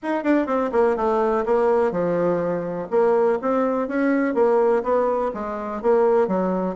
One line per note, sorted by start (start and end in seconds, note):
0.02 0.23 D#4
0.23 0.46 D4
0.46 0.70 C4
0.72 0.96 A#3
0.96 1.44 A3
1.45 1.91 A#3
1.91 2.88 F3
2.90 3.38 A#3
3.41 3.88 C4
3.88 4.34 C#4
4.34 4.83 A#3
4.83 5.31 B3
5.34 5.82 G#3
5.82 6.27 A#3
6.27 6.75 F#3